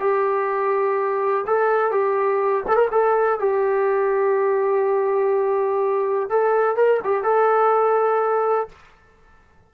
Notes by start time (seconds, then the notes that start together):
0.00 G4
1.47 A4
1.92 G4
2.68 A4
2.76 A#4
2.91 A4
3.40 G4
6.29 A4
6.76 A#4
7.04 G4
7.24 A4